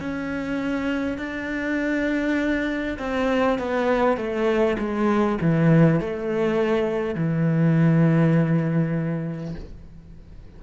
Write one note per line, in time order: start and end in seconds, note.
0.00 1.18 C#4
1.18 2.98 D4
2.99 3.59 C4
3.59 4.17 B3
4.17 4.77 A3
4.79 5.39 G#3
5.41 6.01 E3
6.01 7.15 A3
7.15 9.55 E3